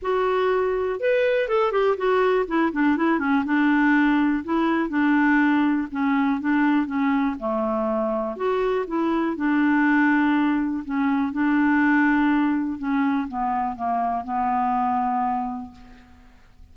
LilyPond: \new Staff \with { instrumentName = "clarinet" } { \time 4/4 \tempo 4 = 122 fis'2 b'4 a'8 g'8 | fis'4 e'8 d'8 e'8 cis'8 d'4~ | d'4 e'4 d'2 | cis'4 d'4 cis'4 a4~ |
a4 fis'4 e'4 d'4~ | d'2 cis'4 d'4~ | d'2 cis'4 b4 | ais4 b2. | }